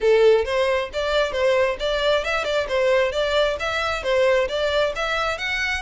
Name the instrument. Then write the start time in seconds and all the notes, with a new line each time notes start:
violin
0.00 A4
0.44 C5
0.93 D5
1.32 C5
1.79 D5
2.24 E5
2.44 D5
2.68 C5
3.12 D5
3.59 E5
4.03 C5
4.48 D5
4.95 E5
5.38 F#5